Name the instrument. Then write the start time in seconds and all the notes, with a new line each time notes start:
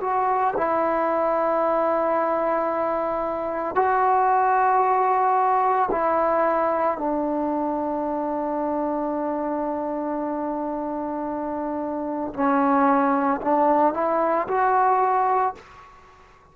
trombone
0.00 F#4
0.56 E4
3.75 F#4
5.91 E4
6.97 D4
12.33 C#4
13.41 D4
13.93 E4
14.47 F#4